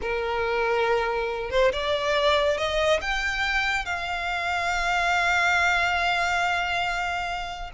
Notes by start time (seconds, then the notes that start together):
0.01 A#4
1.50 C5
1.72 D5
2.57 D#5
3.01 G5
3.85 F5